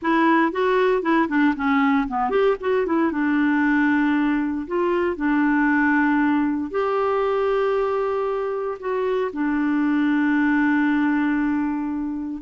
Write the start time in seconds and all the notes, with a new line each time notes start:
0.01 E4
0.52 F#4
1.02 E4
1.28 D4
1.56 C#4
2.08 B3
2.30 G4
2.60 F#4
2.86 E4
3.11 D4
4.67 F4
5.16 D4
6.71 G4
8.79 F#4
9.32 D4